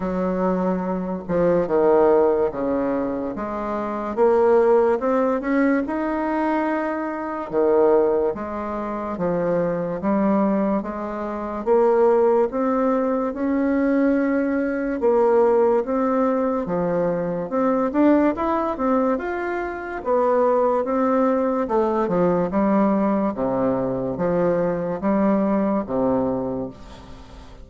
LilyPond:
\new Staff \with { instrumentName = "bassoon" } { \time 4/4 \tempo 4 = 72 fis4. f8 dis4 cis4 | gis4 ais4 c'8 cis'8 dis'4~ | dis'4 dis4 gis4 f4 | g4 gis4 ais4 c'4 |
cis'2 ais4 c'4 | f4 c'8 d'8 e'8 c'8 f'4 | b4 c'4 a8 f8 g4 | c4 f4 g4 c4 | }